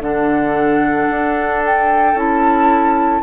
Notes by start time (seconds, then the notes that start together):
0.00 D3 D4 A4 F#5
1.10 D4
1.66 G5
2.14 C#4 E4 A5